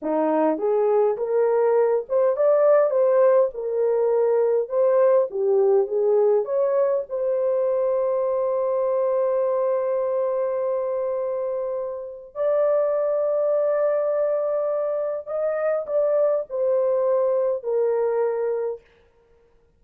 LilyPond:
\new Staff \with { instrumentName = "horn" } { \time 4/4 \tempo 4 = 102 dis'4 gis'4 ais'4. c''8 | d''4 c''4 ais'2 | c''4 g'4 gis'4 cis''4 | c''1~ |
c''1~ | c''4 d''2.~ | d''2 dis''4 d''4 | c''2 ais'2 | }